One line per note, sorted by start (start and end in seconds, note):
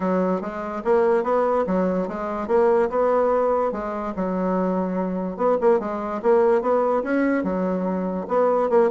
0.00 0.41 F#3
0.41 0.82 G#3
0.84 1.23 A#3
1.23 1.65 B3
1.66 2.08 F#3
2.08 2.47 G#3
2.47 2.89 A#3
2.89 3.72 B3
3.72 4.13 G#3
4.16 5.36 F#3
5.36 5.57 B3
5.60 5.79 A#3
5.79 6.21 G#3
6.22 6.61 A#3
6.61 7.03 B3
7.03 7.43 C#4
7.43 8.26 F#3
8.28 8.69 B3
8.69 8.90 A#3